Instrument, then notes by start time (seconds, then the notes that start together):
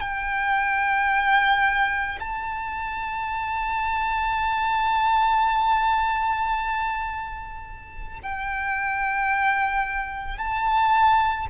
violin
0.00 G5
2.19 A5
8.23 G5
10.37 A5